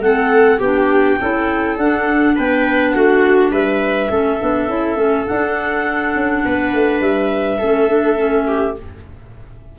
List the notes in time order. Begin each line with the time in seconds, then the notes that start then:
0.00 A3 C4 A4 F#5
0.58 B3 D4 G4 G5
1.20 C#4 E4 A4
1.77 D4 F#5
2.36 B3 B4 G5
2.91 A3 F#4 F#5
3.51 G3 B4 E5
4.10 A3 C#4 A4
4.40 B3 D4
4.68 C#4 E4
4.96 A3 C#4
5.26 D4 F#5
6.15 C#4
6.45 B3 B4
6.73 A3
7.00 G3 E5
7.58 A3 C#4 A4
7.88 D4
8.16 C#4
8.47 G4